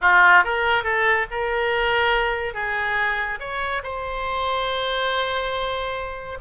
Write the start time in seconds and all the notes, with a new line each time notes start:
0.01 F4
0.44 A#4
0.83 A4
1.30 A#4
2.54 G#4
3.39 C#5
3.83 C5